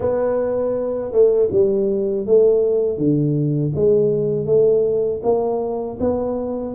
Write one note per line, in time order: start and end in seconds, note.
0.00 1.11 B3
1.11 1.49 A3
1.51 2.26 G3
2.26 2.97 A3
2.97 3.72 D3
3.75 4.46 G#3
4.46 5.21 A3
5.23 5.98 A#3
6.00 6.74 B3